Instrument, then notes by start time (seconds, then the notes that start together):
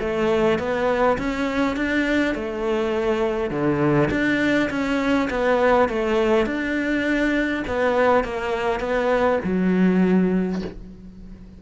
cello
0.00 A3
0.59 B3
1.18 C#4
1.76 D4
2.35 A3
3.51 D3
4.11 D4
4.70 C#4
5.30 B3
5.89 A3
6.46 D4
7.67 B3
8.24 A#3
8.80 B3
9.44 F#3